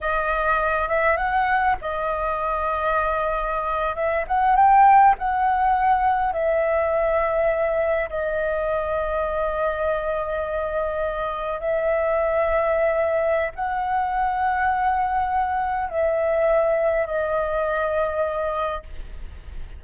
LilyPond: \new Staff \with { instrumentName = "flute" } { \time 4/4 \tempo 4 = 102 dis''4. e''8 fis''4 dis''4~ | dis''2~ dis''8. e''8 fis''8 g''16~ | g''8. fis''2 e''4~ e''16~ | e''4.~ e''16 dis''2~ dis''16~ |
dis''2.~ dis''8. e''16~ | e''2. fis''4~ | fis''2. e''4~ | e''4 dis''2. | }